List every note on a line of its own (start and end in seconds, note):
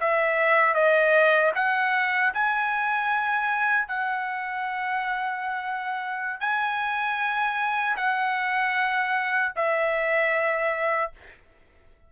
0.00 0.74 E5
0.74 1.52 D#5
1.55 2.33 F#5
2.33 3.87 G#5
3.87 6.40 F#5
6.40 7.96 G#5
7.97 9.52 F#5
9.56 11.11 E5